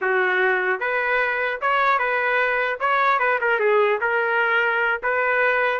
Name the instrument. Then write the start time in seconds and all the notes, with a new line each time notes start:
trumpet
0.01 F#4
0.80 B4
1.61 C#5
1.99 B4
2.80 C#5
3.19 B4
3.41 A#4
3.59 G#4
4.00 A#4
5.02 B4